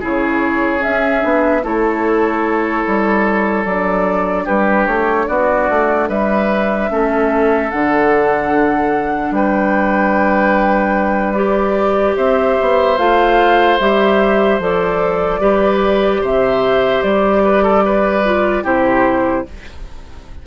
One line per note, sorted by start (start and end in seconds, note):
0.00 0.83 C#3
0.00 0.80 E4
0.00 1.62 G#4
0.00 0.83 C#5
0.80 1.20 C#4
0.80 1.64 E5
0.86 1.24 C#4
1.20 1.64 B3
1.20 1.61 D4
1.63 2.85 A3
1.63 3.65 E4
1.63 4.44 A4
1.63 3.65 C#5
2.87 3.65 G3
3.65 4.46 F#3
3.65 6.90 D4
3.65 4.46 D5
4.44 4.87 G3
4.44 5.25 G4
4.44 4.87 B4
4.87 5.28 A3
4.87 5.27 C#5
5.27 5.69 B3
5.27 6.09 F#4
5.27 6.08 D5
5.69 6.09 A3
6.08 6.90 G3
6.08 6.90 B4
6.08 7.70 E5
6.90 7.71 A3
6.90 7.70 C#4
6.90 9.35 A4
7.70 9.31 D3
7.70 11.35 D4
7.70 9.33 F#5
9.31 12.14 G3
9.31 12.16 B4
9.31 11.34 G5
11.34 12.97 G4
11.34 12.15 D5
12.16 12.58 C4
12.16 15.41 C5
12.16 12.97 E5
12.61 12.98 B3
12.97 13.79 A3
12.97 13.79 F4
12.97 13.79 F5
13.79 14.59 G3
13.79 14.61 G4
13.79 14.60 E5
14.59 15.40 F3
14.59 15.41 A4
14.59 16.24 D5
15.40 16.21 G3
15.40 18.24 G4
15.40 16.21 B4
16.21 17.03 C3
16.21 17.42 C5
16.21 17.03 E5
17.03 18.64 G3
17.03 18.65 D5
17.44 17.63 B4
17.63 17.83 A4
17.85 18.64 B4
18.25 18.64 F4
18.64 19.45 C3
18.64 19.45 E4
18.64 19.45 G4
18.64 19.46 C5